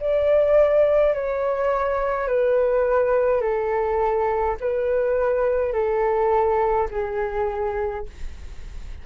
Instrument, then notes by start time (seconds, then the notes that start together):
flute
0.00 D5
1.14 C#5
2.28 B4
3.41 A4
4.60 B4
5.73 A4
6.91 G#4